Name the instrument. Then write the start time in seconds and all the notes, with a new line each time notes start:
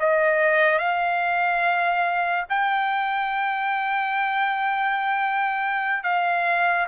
trumpet
0.00 D#5
0.79 F5
2.49 G5
6.03 F5